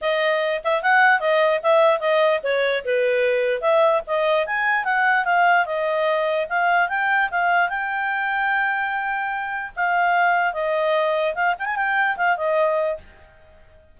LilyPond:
\new Staff \with { instrumentName = "clarinet" } { \time 4/4 \tempo 4 = 148 dis''4. e''8 fis''4 dis''4 | e''4 dis''4 cis''4 b'4~ | b'4 e''4 dis''4 gis''4 | fis''4 f''4 dis''2 |
f''4 g''4 f''4 g''4~ | g''1 | f''2 dis''2 | f''8 g''16 gis''16 g''4 f''8 dis''4. | }